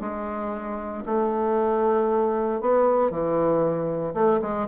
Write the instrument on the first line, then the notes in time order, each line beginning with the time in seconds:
bassoon
0.00 G#3
1.05 A3
2.60 B3
3.10 E3
4.14 A3
4.41 G#3